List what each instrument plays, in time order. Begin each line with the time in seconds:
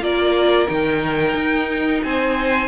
0.00 cello A#3, viola F4, violin A#4 D5
0.67 cello D#3, viola D#4, violin G5
1.34 cello D#4
2.03 cello C4, violin C5 G#5